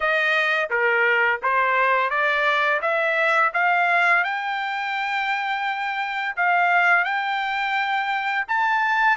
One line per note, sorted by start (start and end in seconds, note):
0.00 0.69 D#5
0.69 1.40 A#4
1.42 2.10 C5
2.10 2.80 D5
2.81 3.52 E5
3.53 4.24 F5
4.24 6.35 G5
6.36 7.04 F5
7.04 8.45 G5
8.47 9.16 A5